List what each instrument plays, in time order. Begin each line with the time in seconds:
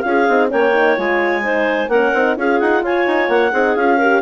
0.00 bassoon C#4, horn F4, clarinet F5
0.07 clarinet G#4
0.28 bassoon C4, horn D#4
0.48 bassoon A#3, horn C#4, clarinet C#5 G5
0.72 horn D#4
0.96 bassoon G#3, horn F4, clarinet G#5
1.42 horn D#4, clarinet C5
1.88 bassoon A#3, horn C#4, clarinet A#4 F#5
2.13 bassoon C4, horn D#4
2.35 bassoon C#4, horn F4, clarinet G#4 F5
2.59 bassoon D#4, clarinet F#5
2.83 bassoon F4, clarinet C#5 G#5
3.06 bassoon D#4
3.28 bassoon A#3, clarinet F#5
3.51 bassoon C4, horn D#4, clarinet G#4
3.75 bassoon C#4, horn F4, clarinet F5
3.97 horn G4, clarinet A#4